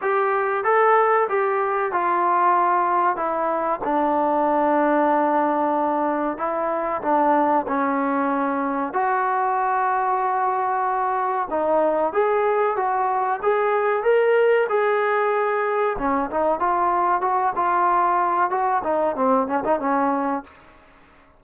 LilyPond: \new Staff \with { instrumentName = "trombone" } { \time 4/4 \tempo 4 = 94 g'4 a'4 g'4 f'4~ | f'4 e'4 d'2~ | d'2 e'4 d'4 | cis'2 fis'2~ |
fis'2 dis'4 gis'4 | fis'4 gis'4 ais'4 gis'4~ | gis'4 cis'8 dis'8 f'4 fis'8 f'8~ | f'4 fis'8 dis'8 c'8 cis'16 dis'16 cis'4 | }